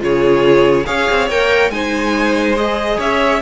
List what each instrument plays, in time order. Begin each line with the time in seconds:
0.00 cello C#3, viola F4, violin G#4 C#5
0.86 cello C#4, viola G#4, violin C#5 F5
1.11 cello C4
1.30 cello A#3, viola A#4, violin G5
1.70 cello G#3, viola D#4, violin C5 G#5
2.56 viola G#4, violin D#5
2.98 cello C#4, violin C#5 E5